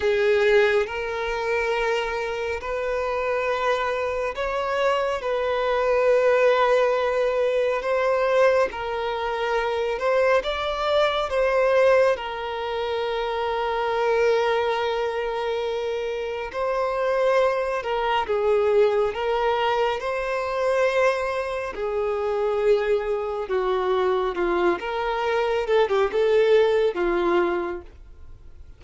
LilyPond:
\new Staff \with { instrumentName = "violin" } { \time 4/4 \tempo 4 = 69 gis'4 ais'2 b'4~ | b'4 cis''4 b'2~ | b'4 c''4 ais'4. c''8 | d''4 c''4 ais'2~ |
ais'2. c''4~ | c''8 ais'8 gis'4 ais'4 c''4~ | c''4 gis'2 fis'4 | f'8 ais'4 a'16 g'16 a'4 f'4 | }